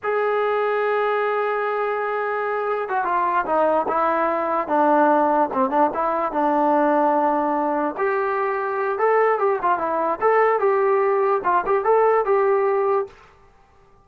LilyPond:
\new Staff \with { instrumentName = "trombone" } { \time 4/4 \tempo 4 = 147 gis'1~ | gis'2. fis'8 f'8~ | f'8 dis'4 e'2 d'8~ | d'4. c'8 d'8 e'4 d'8~ |
d'2.~ d'8 g'8~ | g'2 a'4 g'8 f'8 | e'4 a'4 g'2 | f'8 g'8 a'4 g'2 | }